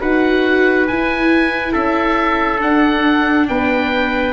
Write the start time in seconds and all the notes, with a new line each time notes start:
0.00 D#4 F#4 B4 F#5
0.87 E4 G#5
1.72 C#4 A4 E5
2.58 D4 F#5
3.48 B3 B4 G5